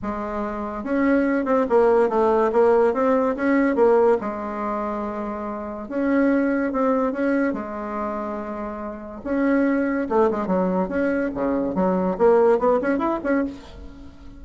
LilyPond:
\new Staff \with { instrumentName = "bassoon" } { \time 4/4 \tempo 4 = 143 gis2 cis'4. c'8 | ais4 a4 ais4 c'4 | cis'4 ais4 gis2~ | gis2 cis'2 |
c'4 cis'4 gis2~ | gis2 cis'2 | a8 gis8 fis4 cis'4 cis4 | fis4 ais4 b8 cis'8 e'8 cis'8 | }